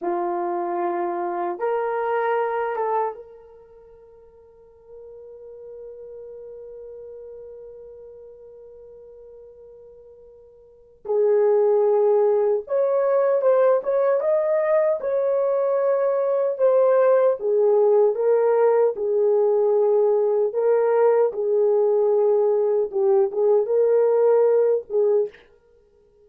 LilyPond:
\new Staff \with { instrumentName = "horn" } { \time 4/4 \tempo 4 = 76 f'2 ais'4. a'8 | ais'1~ | ais'1~ | ais'2 gis'2 |
cis''4 c''8 cis''8 dis''4 cis''4~ | cis''4 c''4 gis'4 ais'4 | gis'2 ais'4 gis'4~ | gis'4 g'8 gis'8 ais'4. gis'8 | }